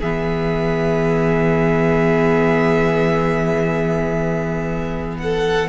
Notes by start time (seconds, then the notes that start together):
0.00 E3 B3 G#4 E5
5.17 A4 F#5